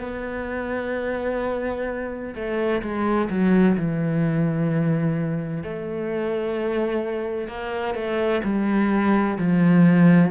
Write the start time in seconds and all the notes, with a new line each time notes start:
0.00 B3
2.35 A3
2.82 G#3
3.30 F#3
3.77 E3
5.63 A3
7.48 A#3
7.95 A3
8.44 G3
9.38 F3